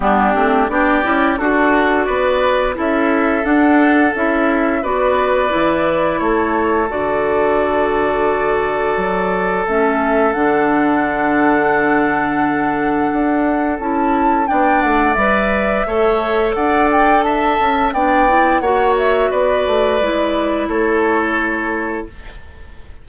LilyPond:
<<
  \new Staff \with { instrumentName = "flute" } { \time 4/4 \tempo 4 = 87 g'4 d''4 a'4 d''4 | e''4 fis''4 e''4 d''4~ | d''4 cis''4 d''2~ | d''2 e''4 fis''4~ |
fis''1 | a''4 g''8 fis''8 e''2 | fis''8 g''8 a''4 g''4 fis''8 e''8 | d''2 cis''2 | }
  \new Staff \with { instrumentName = "oboe" } { \time 4/4 d'4 g'4 fis'4 b'4 | a'2. b'4~ | b'4 a'2.~ | a'1~ |
a'1~ | a'4 d''2 cis''4 | d''4 e''4 d''4 cis''4 | b'2 a'2 | }
  \new Staff \with { instrumentName = "clarinet" } { \time 4/4 b8 c'8 d'8 e'8 fis'2 | e'4 d'4 e'4 fis'4 | e'2 fis'2~ | fis'2 cis'4 d'4~ |
d'1 | e'4 d'4 b'4 a'4~ | a'2 d'8 e'8 fis'4~ | fis'4 e'2. | }
  \new Staff \with { instrumentName = "bassoon" } { \time 4/4 g8 a8 b8 cis'8 d'4 b4 | cis'4 d'4 cis'4 b4 | e4 a4 d2~ | d4 fis4 a4 d4~ |
d2. d'4 | cis'4 b8 a8 g4 a4 | d'4. cis'8 b4 ais4 | b8 a8 gis4 a2 | }
>>